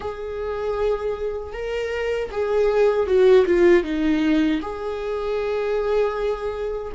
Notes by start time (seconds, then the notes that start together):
0.00 G#4
1.52 A#4
2.31 G#4
3.06 F#4
3.45 F4
3.83 D#4
4.61 G#4